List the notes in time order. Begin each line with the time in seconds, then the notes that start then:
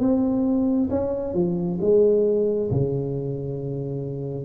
0.00 C4
0.90 C#4
1.34 F3
1.81 G#3
2.71 C#3